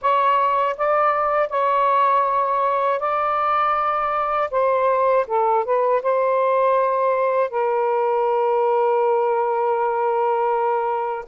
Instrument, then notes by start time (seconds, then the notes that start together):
saxophone
0.01 C#5
0.77 D5
1.49 C#5
2.99 D5
4.50 C5
5.27 A4
5.64 B4
6.02 C5
7.50 A#4